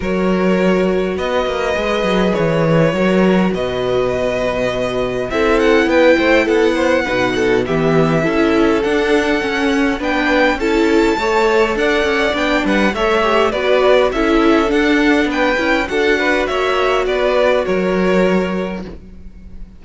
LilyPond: <<
  \new Staff \with { instrumentName = "violin" } { \time 4/4 \tempo 4 = 102 cis''2 dis''2 | cis''2 dis''2~ | dis''4 e''8 fis''8 g''4 fis''4~ | fis''4 e''2 fis''4~ |
fis''4 g''4 a''2 | fis''4 g''8 fis''8 e''4 d''4 | e''4 fis''4 g''4 fis''4 | e''4 d''4 cis''2 | }
  \new Staff \with { instrumentName = "violin" } { \time 4/4 ais'2 b'2~ | b'4 ais'4 b'2~ | b'4 a'4 b'8 c''8 a'8 c''8 | b'8 a'8 g'4 a'2~ |
a'4 b'4 a'4 cis''4 | d''4. b'8 cis''4 b'4 | a'2 b'4 a'8 b'8 | cis''4 b'4 ais'2 | }
  \new Staff \with { instrumentName = "viola" } { \time 4/4 fis'2. gis'4~ | gis'4 fis'2.~ | fis'4 e'2. | dis'4 b4 e'4 d'4 |
cis'4 d'4 e'4 a'4~ | a'4 d'4 a'8 g'8 fis'4 | e'4 d'4. e'8 fis'4~ | fis'1 | }
  \new Staff \with { instrumentName = "cello" } { \time 4/4 fis2 b8 ais8 gis8 fis8 | e4 fis4 b,2~ | b,4 c'4 b8 a8 b4 | b,4 e4 cis'4 d'4 |
cis'4 b4 cis'4 a4 | d'8 cis'8 b8 g8 a4 b4 | cis'4 d'4 b8 cis'8 d'4 | ais4 b4 fis2 | }
>>